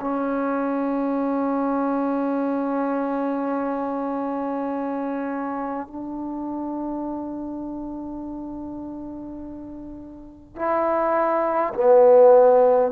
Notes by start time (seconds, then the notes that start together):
0.00 C#4
5.87 D4
10.55 E4
11.74 B3